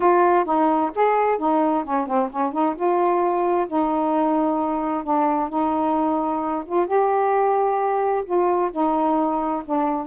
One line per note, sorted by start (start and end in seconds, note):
0.00 0.45 F4
0.45 0.90 D#4
0.95 1.38 G#4
1.38 1.83 D#4
1.83 2.06 C#4
2.07 2.29 C4
2.30 2.52 C#4
2.52 2.75 D#4
2.75 3.67 F4
3.67 5.03 D#4
5.03 5.49 D4
5.49 6.63 D#4
6.65 6.86 F4
6.86 8.24 G4
8.25 8.70 F4
8.71 9.63 D#4
9.65 10.06 D4